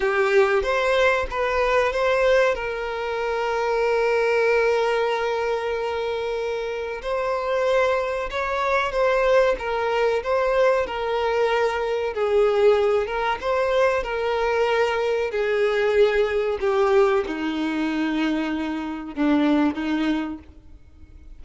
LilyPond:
\new Staff \with { instrumentName = "violin" } { \time 4/4 \tempo 4 = 94 g'4 c''4 b'4 c''4 | ais'1~ | ais'2. c''4~ | c''4 cis''4 c''4 ais'4 |
c''4 ais'2 gis'4~ | gis'8 ais'8 c''4 ais'2 | gis'2 g'4 dis'4~ | dis'2 d'4 dis'4 | }